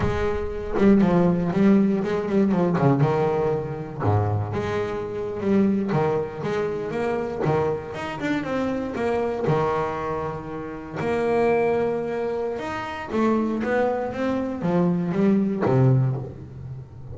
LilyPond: \new Staff \with { instrumentName = "double bass" } { \time 4/4 \tempo 4 = 119 gis4. g8 f4 g4 | gis8 g8 f8 cis8 dis2 | gis,4 gis4.~ gis16 g4 dis16~ | dis8. gis4 ais4 dis4 dis'16~ |
dis'16 d'8 c'4 ais4 dis4~ dis16~ | dis4.~ dis16 ais2~ ais16~ | ais4 dis'4 a4 b4 | c'4 f4 g4 c4 | }